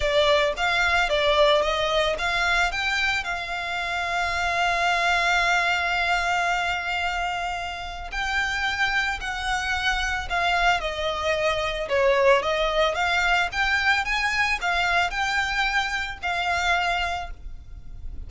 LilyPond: \new Staff \with { instrumentName = "violin" } { \time 4/4 \tempo 4 = 111 d''4 f''4 d''4 dis''4 | f''4 g''4 f''2~ | f''1~ | f''2. g''4~ |
g''4 fis''2 f''4 | dis''2 cis''4 dis''4 | f''4 g''4 gis''4 f''4 | g''2 f''2 | }